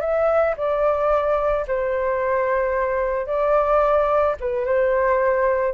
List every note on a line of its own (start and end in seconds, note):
0.00 0.55 E5
0.57 1.66 D5
1.67 3.27 C5
3.27 4.36 D5
4.40 4.65 B4
4.65 5.74 C5